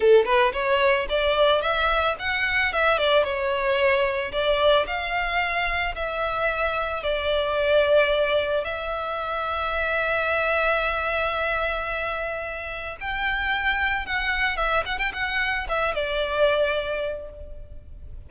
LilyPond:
\new Staff \with { instrumentName = "violin" } { \time 4/4 \tempo 4 = 111 a'8 b'8 cis''4 d''4 e''4 | fis''4 e''8 d''8 cis''2 | d''4 f''2 e''4~ | e''4 d''2. |
e''1~ | e''1 | g''2 fis''4 e''8 fis''16 g''16 | fis''4 e''8 d''2~ d''8 | }